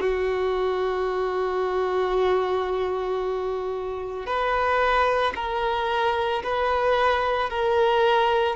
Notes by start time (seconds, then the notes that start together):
0.00 F#4
4.26 B4
5.36 A#4
6.43 B4
7.50 A#4